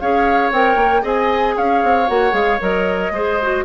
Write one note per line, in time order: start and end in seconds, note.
0.00 0.52 C#4
0.00 0.53 G#4
0.00 1.03 C#5
0.00 0.52 F5
0.52 0.76 C4
0.52 1.02 A#4
0.52 1.05 G5
0.76 1.02 A#3
1.02 1.57 C4
1.02 2.07 G#4
1.02 1.55 D#5
1.02 1.57 G#5
1.57 1.84 C#4
1.57 3.13 C#5
1.57 2.09 F5
1.84 2.10 C4
2.08 2.33 A#3
2.08 2.31 F#4
2.08 2.34 F#5
2.31 2.59 G#3
2.31 2.57 G#4
2.31 2.61 F5
2.61 3.11 F#3
2.61 3.13 A#4
2.61 3.65 D#5
3.11 3.63 G#3
3.11 3.41 G#4
3.11 3.65 C5
3.42 3.65 F#4